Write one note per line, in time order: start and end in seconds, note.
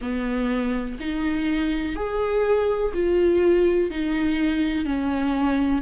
0.01 0.98 B3
0.99 1.95 D#4
1.95 2.92 G#4
2.93 3.90 F4
3.90 4.85 D#4
4.85 5.82 C#4